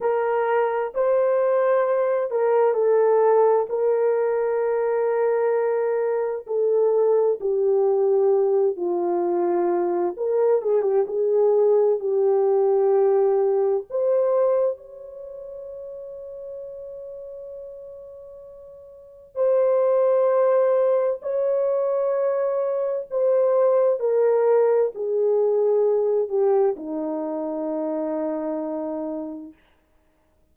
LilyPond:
\new Staff \with { instrumentName = "horn" } { \time 4/4 \tempo 4 = 65 ais'4 c''4. ais'8 a'4 | ais'2. a'4 | g'4. f'4. ais'8 gis'16 g'16 | gis'4 g'2 c''4 |
cis''1~ | cis''4 c''2 cis''4~ | cis''4 c''4 ais'4 gis'4~ | gis'8 g'8 dis'2. | }